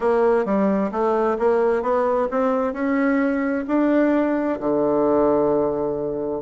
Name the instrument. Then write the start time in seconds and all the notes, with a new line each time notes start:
bassoon
0.00 A#3
0.45 G3
0.91 A3
1.38 A#3
1.82 B3
2.30 C4
2.73 C#4
3.67 D4
4.59 D3